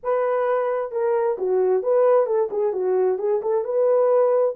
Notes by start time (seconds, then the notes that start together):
0.03 B4
0.91 A#4
1.38 F#4
1.83 B4
2.26 A4
2.51 G#4
2.73 F#4
3.18 G#4
3.42 A4
3.64 B4